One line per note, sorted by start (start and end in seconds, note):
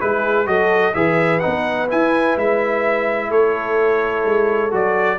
0.00 0.47 G#3
0.00 0.46 E4
0.00 0.48 G#4
0.00 0.47 B4
0.46 0.94 F#3
0.46 0.93 F#4
0.46 0.95 A4
0.46 0.94 D#5
0.94 1.42 E3
0.94 1.41 G#4
0.94 3.29 B4
0.94 1.40 E5
1.40 1.92 B3
1.40 1.88 D#4
1.40 1.87 F#5
1.89 4.71 E4
1.89 2.36 E4
1.89 2.38 G#5
2.36 3.30 G#3
2.36 3.31 E5
3.29 4.25 A3
3.29 5.18 A4
3.29 4.73 C#5
4.25 4.72 G#3
4.71 5.19 F#3
4.71 5.18 F#4
4.71 5.19 D5